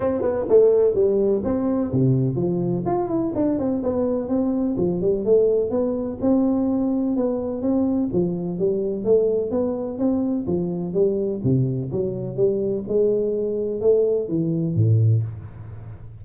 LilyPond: \new Staff \with { instrumentName = "tuba" } { \time 4/4 \tempo 4 = 126 c'8 b8 a4 g4 c'4 | c4 f4 f'8 e'8 d'8 c'8 | b4 c'4 f8 g8 a4 | b4 c'2 b4 |
c'4 f4 g4 a4 | b4 c'4 f4 g4 | c4 fis4 g4 gis4~ | gis4 a4 e4 a,4 | }